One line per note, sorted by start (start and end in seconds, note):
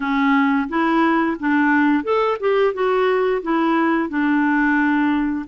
0.00 0.68 C#4
0.68 1.37 E4
1.39 2.03 D4
2.03 2.37 A4
2.40 2.73 G4
2.73 3.42 F#4
3.42 4.09 E4
4.09 5.45 D4